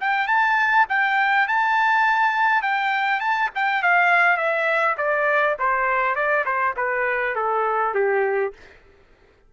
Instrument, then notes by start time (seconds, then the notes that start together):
trumpet
0.00 G5
0.27 A5
0.89 G5
1.47 A5
2.62 G5
3.20 A5
3.55 G5
3.82 F5
4.37 E5
4.97 D5
5.59 C5
6.15 D5
6.45 C5
6.76 B4
7.35 A4
7.94 G4